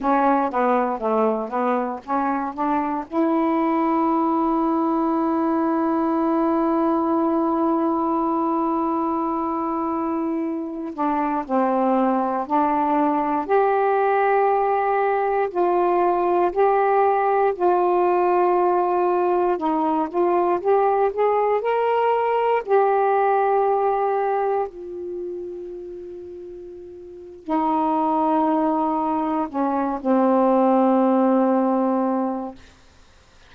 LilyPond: \new Staff \with { instrumentName = "saxophone" } { \time 4/4 \tempo 4 = 59 cis'8 b8 a8 b8 cis'8 d'8 e'4~ | e'1~ | e'2~ e'8. d'8 c'8.~ | c'16 d'4 g'2 f'8.~ |
f'16 g'4 f'2 dis'8 f'16~ | f'16 g'8 gis'8 ais'4 g'4.~ g'16~ | g'16 f'2~ f'8. dis'4~ | dis'4 cis'8 c'2~ c'8 | }